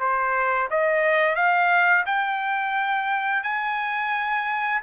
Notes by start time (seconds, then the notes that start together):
0.00 C5
0.71 D#5
1.36 F5
2.06 G5
3.44 G#5